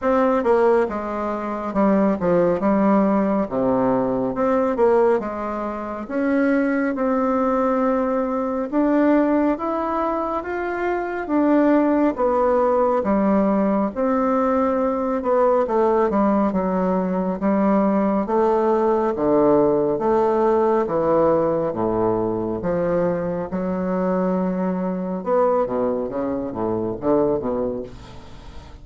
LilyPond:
\new Staff \with { instrumentName = "bassoon" } { \time 4/4 \tempo 4 = 69 c'8 ais8 gis4 g8 f8 g4 | c4 c'8 ais8 gis4 cis'4 | c'2 d'4 e'4 | f'4 d'4 b4 g4 |
c'4. b8 a8 g8 fis4 | g4 a4 d4 a4 | e4 a,4 f4 fis4~ | fis4 b8 b,8 cis8 a,8 d8 b,8 | }